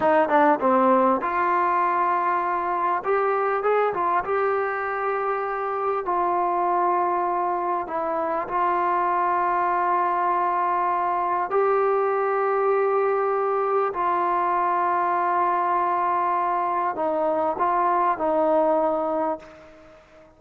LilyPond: \new Staff \with { instrumentName = "trombone" } { \time 4/4 \tempo 4 = 99 dis'8 d'8 c'4 f'2~ | f'4 g'4 gis'8 f'8 g'4~ | g'2 f'2~ | f'4 e'4 f'2~ |
f'2. g'4~ | g'2. f'4~ | f'1 | dis'4 f'4 dis'2 | }